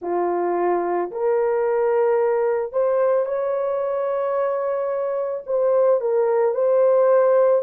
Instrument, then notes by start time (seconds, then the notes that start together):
horn
0.01 F4
1.11 A#4
2.72 C5
3.25 C#5
5.46 C5
6.00 A#4
6.54 C5